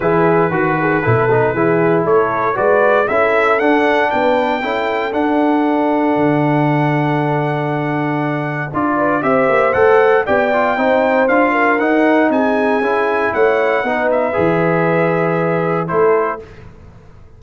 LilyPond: <<
  \new Staff \with { instrumentName = "trumpet" } { \time 4/4 \tempo 4 = 117 b'1 | cis''4 d''4 e''4 fis''4 | g''2 fis''2~ | fis''1~ |
fis''4 d''4 e''4 fis''4 | g''2 f''4 fis''4 | gis''2 fis''4. e''8~ | e''2. c''4 | }
  \new Staff \with { instrumentName = "horn" } { \time 4/4 gis'4 fis'8 gis'8 a'4 gis'4 | a'4 b'4 a'2 | b'4 a'2.~ | a'1~ |
a'4. b'8 c''2 | d''4 c''4. ais'4. | gis'2 cis''4 b'4~ | b'2. a'4 | }
  \new Staff \with { instrumentName = "trombone" } { \time 4/4 e'4 fis'4 e'8 dis'8 e'4~ | e'4 fis'4 e'4 d'4~ | d'4 e'4 d'2~ | d'1~ |
d'4 f'4 g'4 a'4 | g'8 f'8 dis'4 f'4 dis'4~ | dis'4 e'2 dis'4 | gis'2. e'4 | }
  \new Staff \with { instrumentName = "tuba" } { \time 4/4 e4 dis4 b,4 e4 | a4 gis4 cis'4 d'4 | b4 cis'4 d'2 | d1~ |
d4 d'4 c'8 ais8 a4 | b4 c'4 d'4 dis'4 | c'4 cis'4 a4 b4 | e2. a4 | }
>>